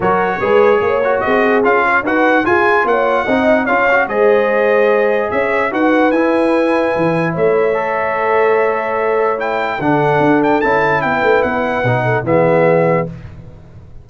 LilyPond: <<
  \new Staff \with { instrumentName = "trumpet" } { \time 4/4 \tempo 4 = 147 cis''2. dis''4 | f''4 fis''4 gis''4 fis''4~ | fis''4 f''4 dis''2~ | dis''4 e''4 fis''4 gis''4~ |
gis''2 e''2~ | e''2. g''4 | fis''4. g''8 a''4 g''4 | fis''2 e''2 | }
  \new Staff \with { instrumentName = "horn" } { \time 4/4 ais'4 b'4 cis''4 gis'4~ | gis'8 cis''8 b'4 gis'4 cis''4 | dis''4 cis''4 c''2~ | c''4 cis''4 b'2~ |
b'2 cis''2~ | cis''1 | a'2. b'4~ | b'4. a'8 gis'2 | }
  \new Staff \with { instrumentName = "trombone" } { \time 4/4 fis'4 gis'4. fis'4. | f'4 fis'4 f'2 | dis'4 f'8 fis'8 gis'2~ | gis'2 fis'4 e'4~ |
e'2. a'4~ | a'2. e'4 | d'2 e'2~ | e'4 dis'4 b2 | }
  \new Staff \with { instrumentName = "tuba" } { \time 4/4 fis4 gis4 ais4 c'4 | cis'4 dis'4 f'4 ais4 | c'4 cis'4 gis2~ | gis4 cis'4 dis'4 e'4~ |
e'4 e4 a2~ | a1 | d4 d'4 cis'4 b8 a8 | b4 b,4 e2 | }
>>